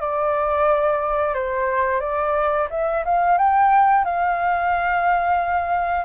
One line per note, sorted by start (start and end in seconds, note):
0.00 1.34 D5
1.34 2.00 C5
2.00 2.68 D5
2.70 3.04 E5
3.05 3.37 F5
3.37 4.04 G5
4.04 6.05 F5